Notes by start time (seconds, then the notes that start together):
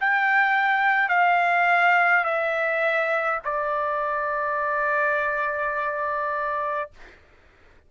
0.00 G5
1.09 F5
2.24 E5
3.45 D5